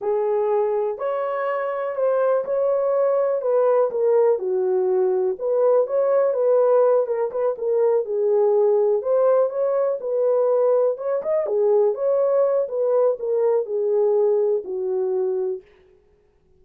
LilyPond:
\new Staff \with { instrumentName = "horn" } { \time 4/4 \tempo 4 = 123 gis'2 cis''2 | c''4 cis''2 b'4 | ais'4 fis'2 b'4 | cis''4 b'4. ais'8 b'8 ais'8~ |
ais'8 gis'2 c''4 cis''8~ | cis''8 b'2 cis''8 dis''8 gis'8~ | gis'8 cis''4. b'4 ais'4 | gis'2 fis'2 | }